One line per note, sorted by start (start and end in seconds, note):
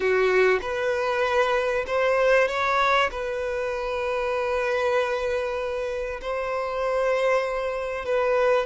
0.00 0.59 F#4
0.61 1.85 B4
1.86 2.47 C5
2.47 3.09 C#5
3.11 6.20 B4
6.21 8.05 C5
8.05 8.65 B4